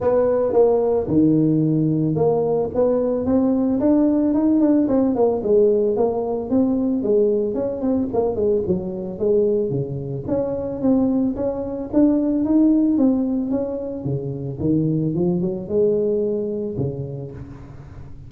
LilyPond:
\new Staff \with { instrumentName = "tuba" } { \time 4/4 \tempo 4 = 111 b4 ais4 dis2 | ais4 b4 c'4 d'4 | dis'8 d'8 c'8 ais8 gis4 ais4 | c'4 gis4 cis'8 c'8 ais8 gis8 |
fis4 gis4 cis4 cis'4 | c'4 cis'4 d'4 dis'4 | c'4 cis'4 cis4 dis4 | f8 fis8 gis2 cis4 | }